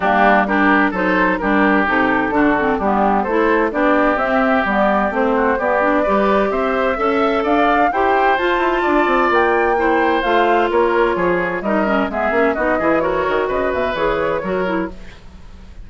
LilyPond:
<<
  \new Staff \with { instrumentName = "flute" } { \time 4/4 \tempo 4 = 129 g'4 ais'4 c''4 ais'4 | a'2 g'4 c''4 | d''4 e''4 d''4 c''4 | d''2 e''2 |
f''4 g''4 a''2 | g''2 f''4 cis''4~ | cis''4 dis''4 e''4 dis''4 | cis''4 dis''8 e''8 cis''2 | }
  \new Staff \with { instrumentName = "oboe" } { \time 4/4 d'4 g'4 a'4 g'4~ | g'4 fis'4 d'4 a'4 | g'2.~ g'8 fis'8 | g'4 b'4 c''4 e''4 |
d''4 c''2 d''4~ | d''4 c''2 ais'4 | gis'4 ais'4 gis'4 fis'8 gis'8 | ais'4 b'2 ais'4 | }
  \new Staff \with { instrumentName = "clarinet" } { \time 4/4 ais4 d'4 dis'4 d'4 | dis'4 d'8 c'8 b4 e'4 | d'4 c'4 b4 c'4 | b8 d'8 g'2 a'4~ |
a'4 g'4 f'2~ | f'4 e'4 f'2~ | f'4 dis'8 cis'8 b8 cis'8 dis'8 e'8 | fis'2 gis'4 fis'8 e'8 | }
  \new Staff \with { instrumentName = "bassoon" } { \time 4/4 g2 fis4 g4 | c4 d4 g4 a4 | b4 c'4 g4 a4 | b4 g4 c'4 cis'4 |
d'4 e'4 f'8 e'8 d'8 c'8 | ais2 a4 ais4 | f4 g4 gis8 ais8 b8 e8~ | e8 dis8 cis8 b,8 e4 fis4 | }
>>